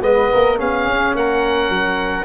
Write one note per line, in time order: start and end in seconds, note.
0.00 0.29 G#3
0.00 0.56 B3
0.00 0.32 B4
0.00 0.58 D#5
0.32 0.59 A#3
0.32 0.58 A#4
0.56 0.87 B3
0.56 2.24 C#4
0.56 1.14 G#4
0.56 1.16 F5
0.87 1.14 C#4
1.14 1.69 A#3
1.14 2.24 A#4
1.14 2.24 F#5
1.69 2.24 F#3